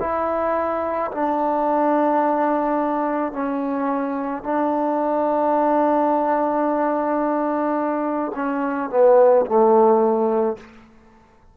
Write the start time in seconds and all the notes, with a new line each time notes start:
0.00 E4
1.12 D4
3.33 C#4
4.43 D4
8.35 C#4
8.90 B3
9.46 A3